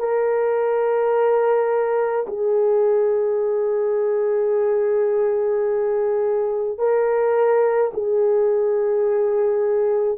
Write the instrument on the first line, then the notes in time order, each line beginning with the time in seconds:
horn
0.00 A#4
2.27 G#4
6.79 A#4
7.94 G#4